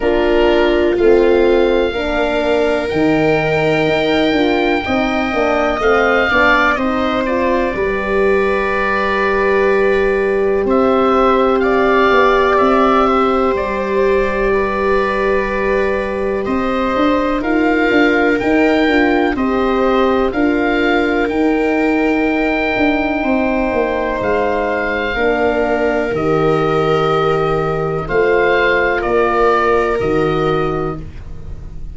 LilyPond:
<<
  \new Staff \with { instrumentName = "oboe" } { \time 4/4 \tempo 4 = 62 ais'4 f''2 g''4~ | g''2 f''4 dis''8 d''8~ | d''2. e''4 | f''4 e''4 d''2~ |
d''4 dis''4 f''4 g''4 | dis''4 f''4 g''2~ | g''4 f''2 dis''4~ | dis''4 f''4 d''4 dis''4 | }
  \new Staff \with { instrumentName = "viola" } { \time 4/4 f'2 ais'2~ | ais'4 dis''4. d''8 c''4 | b'2. c''4 | d''4. c''4. b'4~ |
b'4 c''4 ais'2 | c''4 ais'2. | c''2 ais'2~ | ais'4 c''4 ais'2 | }
  \new Staff \with { instrumentName = "horn" } { \time 4/4 d'4 c'4 d'4 dis'4~ | dis'8 f'8 dis'8 d'8 c'8 d'8 dis'8 f'8 | g'1~ | g'1~ |
g'2 f'4 dis'8 f'8 | g'4 f'4 dis'2~ | dis'2 d'4 g'4~ | g'4 f'2 fis'4 | }
  \new Staff \with { instrumentName = "tuba" } { \time 4/4 ais4 a4 ais4 dis4 | dis'8 d'8 c'8 ais8 a8 b8 c'4 | g2. c'4~ | c'8 b8 c'4 g2~ |
g4 c'8 d'8 dis'8 d'8 dis'8 d'8 | c'4 d'4 dis'4. d'8 | c'8 ais8 gis4 ais4 dis4~ | dis4 a4 ais4 dis4 | }
>>